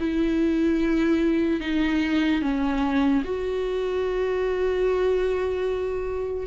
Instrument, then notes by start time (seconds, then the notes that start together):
viola
0.00 E4
1.61 D#4
2.42 C#4
3.24 F#4